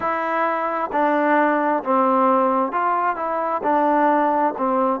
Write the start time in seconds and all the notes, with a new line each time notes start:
0.00 E4
0.92 D4
1.83 C4
2.71 F4
3.16 E4
3.63 D4
4.57 C4